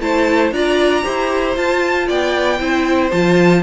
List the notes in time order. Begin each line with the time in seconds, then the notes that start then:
0.00 A3 E4 C5 A5
0.51 D4 F4 D5 A#5
1.03 E4 G4 C5
1.55 F4 A5
2.07 B3 D5 G5
2.59 C4 E4 C5
3.11 F3 F4 A5